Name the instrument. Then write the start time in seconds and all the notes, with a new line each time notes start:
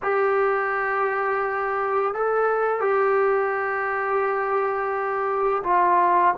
trombone
0.02 G4
2.14 A4
2.80 G4
5.63 F4